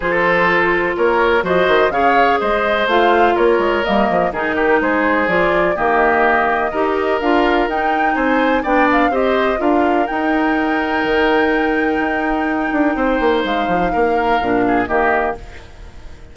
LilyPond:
<<
  \new Staff \with { instrumentName = "flute" } { \time 4/4 \tempo 4 = 125 c''2 cis''4 dis''4 | f''4 dis''4 f''4 cis''4 | dis''4 ais'4 c''4 d''4 | dis''2. f''4 |
g''4 gis''4 g''8 f''8 dis''4 | f''4 g''2.~ | g''1 | f''2. dis''4 | }
  \new Staff \with { instrumentName = "oboe" } { \time 4/4 a'2 ais'4 c''4 | cis''4 c''2 ais'4~ | ais'4 gis'8 g'8 gis'2 | g'2 ais'2~ |
ais'4 c''4 d''4 c''4 | ais'1~ | ais'2. c''4~ | c''4 ais'4. gis'8 g'4 | }
  \new Staff \with { instrumentName = "clarinet" } { \time 4/4 f'2. fis'4 | gis'2 f'2 | ais4 dis'2 f'4 | ais2 g'4 f'4 |
dis'2 d'4 g'4 | f'4 dis'2.~ | dis'1~ | dis'2 d'4 ais4 | }
  \new Staff \with { instrumentName = "bassoon" } { \time 4/4 f2 ais4 f8 dis8 | cis4 gis4 a4 ais8 gis8 | g8 f8 dis4 gis4 f4 | dis2 dis'4 d'4 |
dis'4 c'4 b4 c'4 | d'4 dis'2 dis4~ | dis4 dis'4. d'8 c'8 ais8 | gis8 f8 ais4 ais,4 dis4 | }
>>